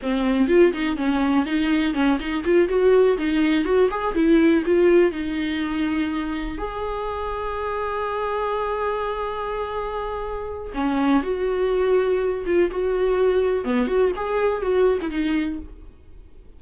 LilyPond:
\new Staff \with { instrumentName = "viola" } { \time 4/4 \tempo 4 = 123 c'4 f'8 dis'8 cis'4 dis'4 | cis'8 dis'8 f'8 fis'4 dis'4 fis'8 | gis'8 e'4 f'4 dis'4.~ | dis'4. gis'2~ gis'8~ |
gis'1~ | gis'2 cis'4 fis'4~ | fis'4. f'8 fis'2 | b8 fis'8 gis'4 fis'8. e'16 dis'4 | }